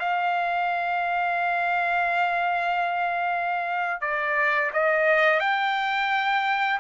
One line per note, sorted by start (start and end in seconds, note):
0.00 4.01 F5
4.01 4.71 D5
4.73 5.40 D#5
5.40 6.80 G5